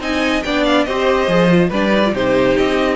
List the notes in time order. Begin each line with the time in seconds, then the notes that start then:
0.00 C4 D#4 D#5 G#5
0.44 B3 D4 D5 G5
0.65 F5
0.85 C4 G4 C5 D#5
1.28 F3 G#4
1.50 F4
1.70 G3 D4 B4 D5
1.91 D#4
2.06 F4
2.14 C3 D#4 G4 C5
2.58 C4 D#5